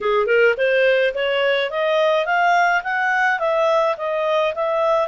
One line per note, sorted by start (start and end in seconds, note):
0.00 0.26 G#4
0.26 0.54 A#4
0.57 1.13 C5
1.14 1.70 C#5
1.70 2.25 D#5
2.25 2.82 F5
2.83 3.39 F#5
3.39 3.95 E5
3.97 4.54 D#5
4.54 5.07 E5